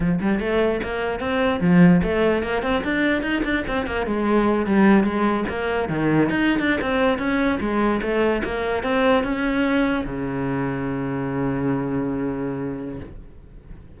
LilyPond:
\new Staff \with { instrumentName = "cello" } { \time 4/4 \tempo 4 = 148 f8 g8 a4 ais4 c'4 | f4 a4 ais8 c'8 d'4 | dis'8 d'8 c'8 ais8 gis4. g8~ | g8 gis4 ais4 dis4 dis'8~ |
dis'16 d'8 c'4 cis'4 gis4 a16~ | a8. ais4 c'4 cis'4~ cis'16~ | cis'8. cis2.~ cis16~ | cis1 | }